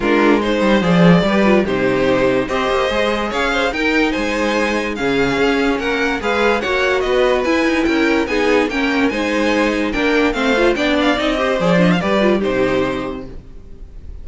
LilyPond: <<
  \new Staff \with { instrumentName = "violin" } { \time 4/4 \tempo 4 = 145 ais'4 c''4 d''2 | c''2 dis''2 | f''4 g''4 gis''2 | f''2 fis''4 f''4 |
fis''4 dis''4 gis''4 g''4 | gis''4 g''4 gis''2 | g''4 f''4 g''8 f''8 dis''4 | d''8 dis''16 f''16 d''4 c''2 | }
  \new Staff \with { instrumentName = "violin" } { \time 4/4 f'4 c''2 b'4 | g'2 c''2 | cis''8 c''8 ais'4 c''2 | gis'2 ais'4 b'4 |
cis''4 b'2 ais'4 | gis'4 ais'4 c''2 | ais'4 c''4 d''4. c''8~ | c''4 b'4 g'2 | }
  \new Staff \with { instrumentName = "viola" } { \time 4/4 d'4 dis'4 gis'4 g'8 f'8 | dis'2 g'4 gis'4~ | gis'4 dis'2. | cis'2. gis'4 |
fis'2 e'2 | dis'4 cis'4 dis'2 | d'4 c'8 f'8 d'4 dis'8 g'8 | gis'8 d'8 g'8 f'8 dis'2 | }
  \new Staff \with { instrumentName = "cello" } { \time 4/4 gis4. g8 f4 g4 | c2 c'8 ais8 gis4 | cis'4 dis'4 gis2 | cis4 cis'4 ais4 gis4 |
ais4 b4 e'8 dis'8 cis'4 | b4 ais4 gis2 | ais4 a4 b4 c'4 | f4 g4 c2 | }
>>